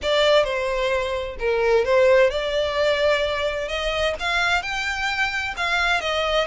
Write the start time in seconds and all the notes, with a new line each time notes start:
0.02 D5
0.44 C5
1.39 A#4
1.85 C5
2.30 D5
3.68 D#5
4.19 F5
4.62 G5
5.56 F5
6.01 D#5